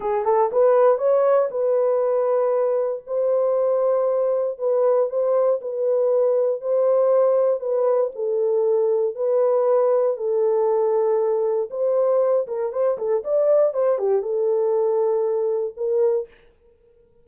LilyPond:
\new Staff \with { instrumentName = "horn" } { \time 4/4 \tempo 4 = 118 gis'8 a'8 b'4 cis''4 b'4~ | b'2 c''2~ | c''4 b'4 c''4 b'4~ | b'4 c''2 b'4 |
a'2 b'2 | a'2. c''4~ | c''8 ais'8 c''8 a'8 d''4 c''8 g'8 | a'2. ais'4 | }